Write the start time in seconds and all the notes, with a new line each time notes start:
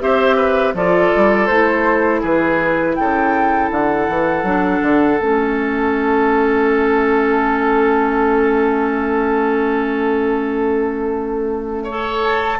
0.00 C4 G4 C5 E5
0.36 B4
0.74 F3 F4 A4 D5
1.15 G3
1.46 A3 E4 C5
2.20 E3 G#4 B4
2.95 C#3 A4 G5
3.70 D3 F#5
4.08 E3
4.43 F#3 D4
4.82 D3
5.19 A3 C#4 E5
11.83 A4 C#5
12.23 A5